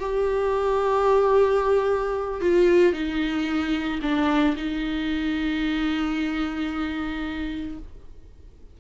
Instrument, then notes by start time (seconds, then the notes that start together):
viola
0.00 G4
2.41 F4
2.93 D#4
4.02 D4
4.57 D#4